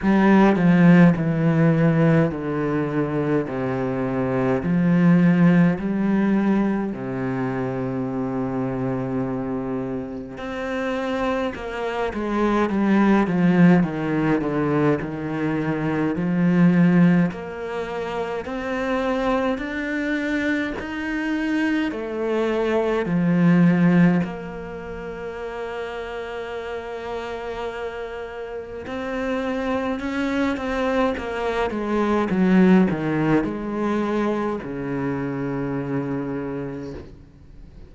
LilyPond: \new Staff \with { instrumentName = "cello" } { \time 4/4 \tempo 4 = 52 g8 f8 e4 d4 c4 | f4 g4 c2~ | c4 c'4 ais8 gis8 g8 f8 | dis8 d8 dis4 f4 ais4 |
c'4 d'4 dis'4 a4 | f4 ais2.~ | ais4 c'4 cis'8 c'8 ais8 gis8 | fis8 dis8 gis4 cis2 | }